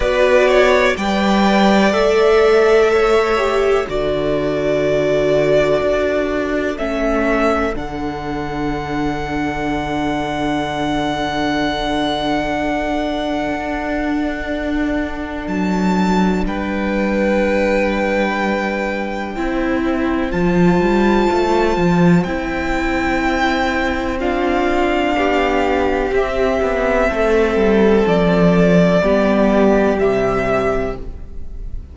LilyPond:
<<
  \new Staff \with { instrumentName = "violin" } { \time 4/4 \tempo 4 = 62 d''4 g''4 e''2 | d''2. e''4 | fis''1~ | fis''1 |
a''4 g''2.~ | g''4 a''2 g''4~ | g''4 f''2 e''4~ | e''4 d''2 e''4 | }
  \new Staff \with { instrumentName = "violin" } { \time 4/4 b'8 cis''8 d''2 cis''4 | a'1~ | a'1~ | a'1~ |
a'4 b'2. | c''1~ | c''4 f'4 g'2 | a'2 g'2 | }
  \new Staff \with { instrumentName = "viola" } { \time 4/4 fis'4 b'4 a'4. g'8 | fis'2. cis'4 | d'1~ | d'1~ |
d'1 | e'4 f'2 e'4~ | e'4 d'2 c'4~ | c'2 b4 g4 | }
  \new Staff \with { instrumentName = "cello" } { \time 4/4 b4 g4 a2 | d2 d'4 a4 | d1~ | d2 d'2 |
fis4 g2. | c'4 f8 g8 a8 f8 c'4~ | c'2 b4 c'8 b8 | a8 g8 f4 g4 c4 | }
>>